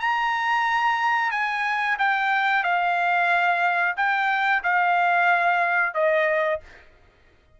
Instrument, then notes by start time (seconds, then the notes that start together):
trumpet
0.00 A#5
1.31 G#5
1.98 G5
2.63 F5
3.96 G5
4.63 F5
5.94 D#5